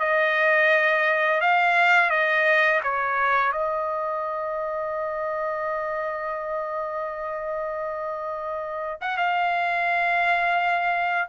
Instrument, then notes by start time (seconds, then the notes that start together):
trumpet
0.00 D#5
1.41 F5
2.10 D#5
2.84 C#5
3.53 D#5
9.02 F#5
9.18 F5